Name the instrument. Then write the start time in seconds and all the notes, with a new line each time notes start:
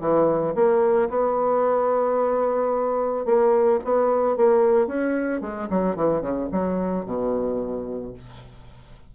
bassoon
0.00 E3
0.55 A#3
1.09 B3
3.25 A#3
3.84 B3
4.36 A#3
4.86 C#4
5.41 G#3
5.70 F#3
5.96 E3
6.21 C#3
6.51 F#3
7.05 B2